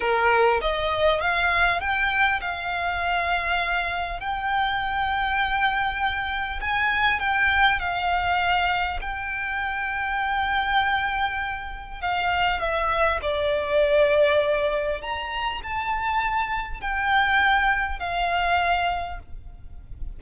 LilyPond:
\new Staff \with { instrumentName = "violin" } { \time 4/4 \tempo 4 = 100 ais'4 dis''4 f''4 g''4 | f''2. g''4~ | g''2. gis''4 | g''4 f''2 g''4~ |
g''1 | f''4 e''4 d''2~ | d''4 ais''4 a''2 | g''2 f''2 | }